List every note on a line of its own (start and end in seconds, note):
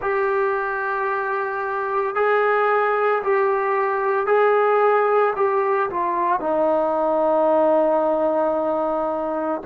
0.01 2.15 G4
2.15 3.22 G#4
3.23 4.26 G4
4.26 5.33 G#4
5.36 5.89 G4
5.89 6.39 F4
6.39 9.61 D#4